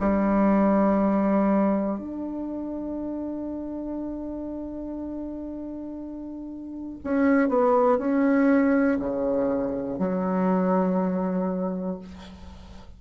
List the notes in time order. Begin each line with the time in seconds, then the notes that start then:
0.00 G3
1.99 D4
7.04 C#4
7.49 B3
7.99 C#4
9.00 C#3
9.99 F#3